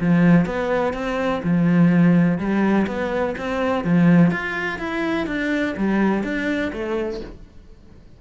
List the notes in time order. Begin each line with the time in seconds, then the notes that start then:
0.00 F3
0.46 B3
0.93 C4
1.43 F3
2.38 G3
2.87 B3
3.38 C4
3.84 F3
4.31 F4
4.78 E4
5.26 D4
5.77 G3
6.23 D4
6.72 A3